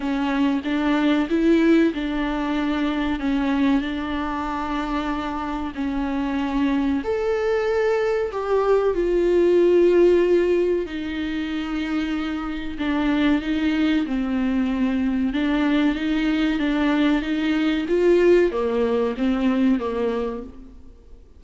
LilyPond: \new Staff \with { instrumentName = "viola" } { \time 4/4 \tempo 4 = 94 cis'4 d'4 e'4 d'4~ | d'4 cis'4 d'2~ | d'4 cis'2 a'4~ | a'4 g'4 f'2~ |
f'4 dis'2. | d'4 dis'4 c'2 | d'4 dis'4 d'4 dis'4 | f'4 ais4 c'4 ais4 | }